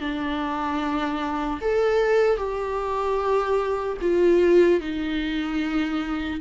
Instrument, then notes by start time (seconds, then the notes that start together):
viola
0.00 D4
1.61 A4
2.37 G4
4.01 F4
4.80 D#4